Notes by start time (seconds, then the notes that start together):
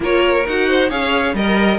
0.00 A#3 F4 A#4 C#5
0.46 D#4 F#4 F#5
0.69 C5
0.89 C#4 G#4 C#5 F5
1.34 G3 A#4 D#5